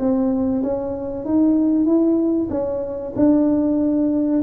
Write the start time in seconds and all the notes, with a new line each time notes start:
0.00 C4
0.63 C#4
1.25 D#4
1.86 E4
2.51 C#4
3.16 D4